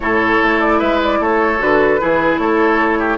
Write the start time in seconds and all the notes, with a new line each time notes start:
0.00 A2 E4 A4 C#5
0.42 A3
0.59 D5
0.79 G#3 B4 E5
1.03 D5
1.19 A3 A4 C#5
1.58 D3 F#4 B4
1.99 E3 E4 G#4
2.38 A3 A4 C#5
2.98 G4